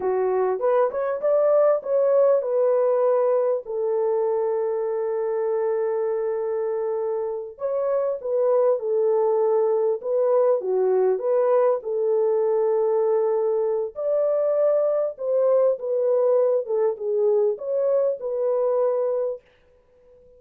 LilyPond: \new Staff \with { instrumentName = "horn" } { \time 4/4 \tempo 4 = 99 fis'4 b'8 cis''8 d''4 cis''4 | b'2 a'2~ | a'1~ | a'8 cis''4 b'4 a'4.~ |
a'8 b'4 fis'4 b'4 a'8~ | a'2. d''4~ | d''4 c''4 b'4. a'8 | gis'4 cis''4 b'2 | }